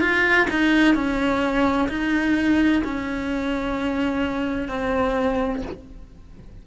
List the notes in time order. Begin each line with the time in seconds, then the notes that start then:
0.00 F4
0.50 D#4
0.95 C#4
1.88 D#4
2.84 C#4
4.68 C4